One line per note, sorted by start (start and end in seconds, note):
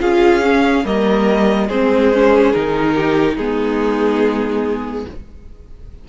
0.00 0.85 C#4
0.00 0.42 F4
0.00 0.85 G#4
0.00 0.86 F5
0.42 0.84 C#4
0.84 1.69 G3
0.84 1.69 A#3
0.84 1.68 A#4
0.84 1.69 D#5
1.68 2.54 G#3
1.68 2.14 C4
1.68 2.95 G#4
1.68 2.52 C5
2.14 2.55 C#4
2.52 3.37 D#3
2.52 3.39 D#4
2.52 3.37 A#4
2.95 3.35 G4
3.35 5.06 G#3
3.35 5.09 B3
3.35 5.04 D#4
3.35 5.06 G#4